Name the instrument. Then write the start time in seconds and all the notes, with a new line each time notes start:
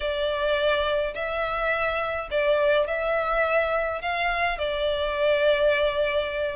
violin
0.00 D5
1.14 E5
2.31 D5
2.87 E5
4.01 F5
4.58 D5